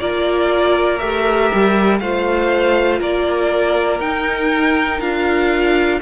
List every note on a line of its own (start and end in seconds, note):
0.00 1.01 A#3
0.00 1.00 F4
0.00 2.01 A#4
0.00 0.99 D5
0.99 1.51 A3
0.99 2.01 G4
0.99 1.99 E5
1.54 2.01 G3
2.00 3.01 A3
2.00 4.02 F4
2.00 3.00 C5
2.00 3.00 F5
3.00 4.00 A#3
3.00 6.00 A#4
3.00 4.01 D5
4.00 5.00 D#4
4.00 5.02 D#4
4.00 5.01 G5
5.01 6.01 D4
5.01 6.02 F4
5.01 6.01 F5